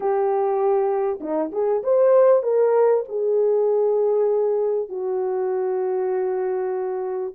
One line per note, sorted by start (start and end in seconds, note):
0.00 1.19 G4
1.20 1.51 D#4
1.52 1.82 G#4
1.83 2.42 C5
2.42 3.04 A#4
3.08 4.88 G#4
4.88 7.33 F#4